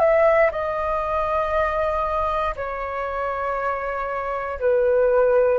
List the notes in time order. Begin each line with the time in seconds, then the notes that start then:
0.00 E5
0.51 D#5
2.56 C#5
4.59 B4